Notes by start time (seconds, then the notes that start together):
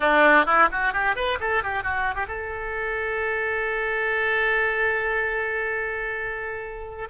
0.00 D4
0.45 E4
0.71 F#4
0.93 G4
1.15 B4
1.40 A4
1.63 G4
1.83 F#4
2.15 G4
2.27 A4